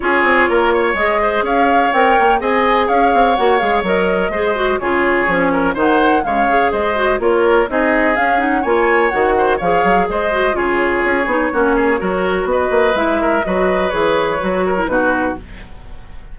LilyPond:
<<
  \new Staff \with { instrumentName = "flute" } { \time 4/4 \tempo 4 = 125 cis''2 dis''4 f''4 | g''4 gis''4 f''4 fis''8 f''8 | dis''2 cis''2 | fis''4 f''4 dis''4 cis''4 |
dis''4 f''8 fis''8 gis''4 fis''4 | f''4 dis''4 cis''2~ | cis''2 dis''4 e''4 | dis''4 cis''2 b'4 | }
  \new Staff \with { instrumentName = "oboe" } { \time 4/4 gis'4 ais'8 cis''4 c''8 cis''4~ | cis''4 dis''4 cis''2~ | cis''4 c''4 gis'4. ais'8 | c''4 cis''4 c''4 ais'4 |
gis'2 cis''4. c''8 | cis''4 c''4 gis'2 | fis'8 gis'8 ais'4 b'4. ais'8 | b'2~ b'8 ais'8 fis'4 | }
  \new Staff \with { instrumentName = "clarinet" } { \time 4/4 f'2 gis'2 | ais'4 gis'2 fis'8 gis'8 | ais'4 gis'8 fis'8 f'4 cis'4 | dis'4 gis8 gis'4 fis'8 f'4 |
dis'4 cis'8 dis'8 f'4 fis'4 | gis'4. fis'8 f'4. dis'8 | cis'4 fis'2 e'4 | fis'4 gis'4 fis'8. e'16 dis'4 | }
  \new Staff \with { instrumentName = "bassoon" } { \time 4/4 cis'8 c'8 ais4 gis4 cis'4 | c'8 ais8 c'4 cis'8 c'8 ais8 gis8 | fis4 gis4 cis4 f4 | dis4 cis4 gis4 ais4 |
c'4 cis'4 ais4 dis4 | f8 fis8 gis4 cis4 cis'8 b8 | ais4 fis4 b8 ais8 gis4 | fis4 e4 fis4 b,4 | }
>>